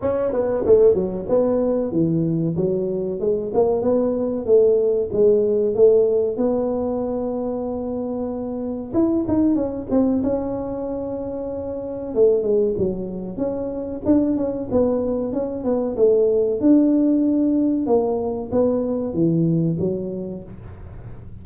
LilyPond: \new Staff \with { instrumentName = "tuba" } { \time 4/4 \tempo 4 = 94 cis'8 b8 a8 fis8 b4 e4 | fis4 gis8 ais8 b4 a4 | gis4 a4 b2~ | b2 e'8 dis'8 cis'8 c'8 |
cis'2. a8 gis8 | fis4 cis'4 d'8 cis'8 b4 | cis'8 b8 a4 d'2 | ais4 b4 e4 fis4 | }